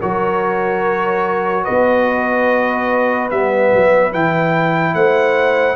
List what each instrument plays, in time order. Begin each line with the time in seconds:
0.00 tuba F#3, trombone F#4, horn A#4, trumpet C#5
1.64 tuba B3, horn B4, trumpet D#5
3.30 tuba G3, trombone B3, trumpet E5
3.74 tuba F#3
4.11 tuba E3, trombone E4, trumpet G5
4.94 tuba A3, horn C5, trumpet F#5